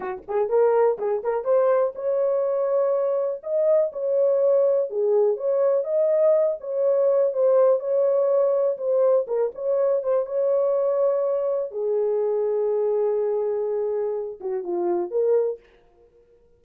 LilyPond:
\new Staff \with { instrumentName = "horn" } { \time 4/4 \tempo 4 = 123 fis'8 gis'8 ais'4 gis'8 ais'8 c''4 | cis''2. dis''4 | cis''2 gis'4 cis''4 | dis''4. cis''4. c''4 |
cis''2 c''4 ais'8 cis''8~ | cis''8 c''8 cis''2. | gis'1~ | gis'4. fis'8 f'4 ais'4 | }